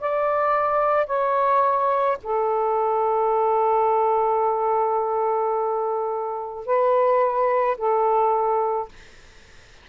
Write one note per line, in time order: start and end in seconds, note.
0.00 1.07 D5
1.07 2.18 C#5
2.23 6.66 A4
6.66 7.77 B4
7.78 8.89 A4